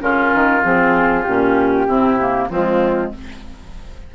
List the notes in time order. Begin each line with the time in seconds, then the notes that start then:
0.00 C#3 C#4 F4 A#4
0.34 D#3
0.62 F3 C4 G#4
1.23 A#2 C#4 G4
1.87 C3 C4 E4
2.19 A#3
2.49 F3 G#3 C4 F4